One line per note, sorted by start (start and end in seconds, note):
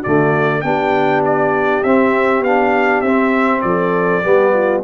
0.00 0.62 D3
0.00 0.60 F#4
0.00 0.61 D5
0.07 0.63 A3
0.61 1.82 B3
0.61 1.83 D4
0.61 3.65 G4
0.61 1.21 G5
1.25 1.83 D5
1.83 2.41 C4
1.83 2.46 C4
1.83 2.43 E5
2.41 3.00 B3
2.41 3.06 D4
2.41 3.01 F5
3.01 3.62 C4
3.01 4.23 C4
3.01 3.61 E5
3.61 4.24 F3
3.61 4.24 A4
3.61 4.81 D5
4.23 4.83 G3
4.23 4.83 B3
4.23 4.53 G4
4.53 4.83 F4